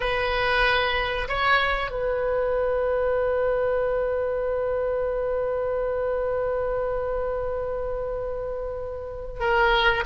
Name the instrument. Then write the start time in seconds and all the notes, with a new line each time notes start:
oboe
0.00 B4
1.28 C#5
1.90 B4
9.40 A#4